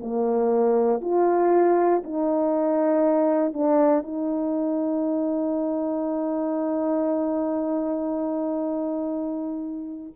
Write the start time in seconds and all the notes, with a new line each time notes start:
0.00 A#3
1.01 F4
2.04 D#4
3.53 D4
4.03 D#4